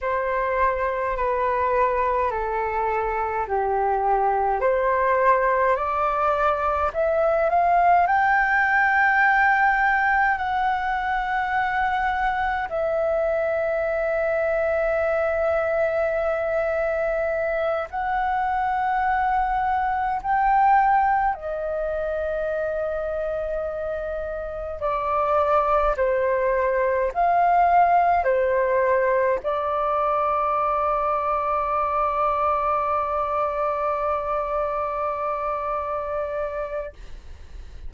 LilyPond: \new Staff \with { instrumentName = "flute" } { \time 4/4 \tempo 4 = 52 c''4 b'4 a'4 g'4 | c''4 d''4 e''8 f''8 g''4~ | g''4 fis''2 e''4~ | e''2.~ e''8 fis''8~ |
fis''4. g''4 dis''4.~ | dis''4. d''4 c''4 f''8~ | f''8 c''4 d''2~ d''8~ | d''1 | }